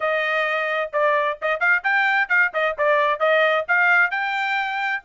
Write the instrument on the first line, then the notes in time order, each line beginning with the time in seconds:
trumpet
0.00 D#5
0.92 D5
1.41 D#5
1.59 F5
1.83 G5
2.28 F5
2.53 D#5
2.78 D5
3.19 D#5
3.68 F5
4.11 G5